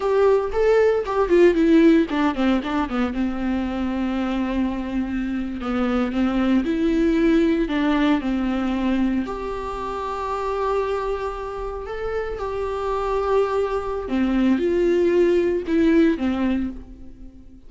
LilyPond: \new Staff \with { instrumentName = "viola" } { \time 4/4 \tempo 4 = 115 g'4 a'4 g'8 f'8 e'4 | d'8 c'8 d'8 b8 c'2~ | c'2~ c'8. b4 c'16~ | c'8. e'2 d'4 c'16~ |
c'4.~ c'16 g'2~ g'16~ | g'2~ g'8. a'4 g'16~ | g'2. c'4 | f'2 e'4 c'4 | }